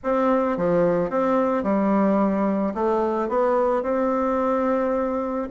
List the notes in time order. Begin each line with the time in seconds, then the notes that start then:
0.03 C4
0.57 F3
1.10 C4
1.63 G3
2.74 A3
3.29 B3
3.83 C4